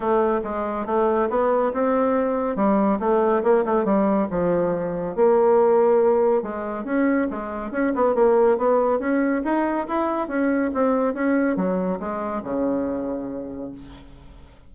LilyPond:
\new Staff \with { instrumentName = "bassoon" } { \time 4/4 \tempo 4 = 140 a4 gis4 a4 b4 | c'2 g4 a4 | ais8 a8 g4 f2 | ais2. gis4 |
cis'4 gis4 cis'8 b8 ais4 | b4 cis'4 dis'4 e'4 | cis'4 c'4 cis'4 fis4 | gis4 cis2. | }